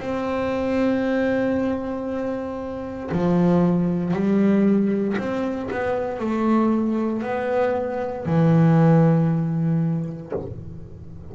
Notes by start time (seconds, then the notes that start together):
0.00 C4
3.12 F3
4.14 G3
5.18 C4
5.71 B3
6.19 A3
7.22 B3
8.26 E3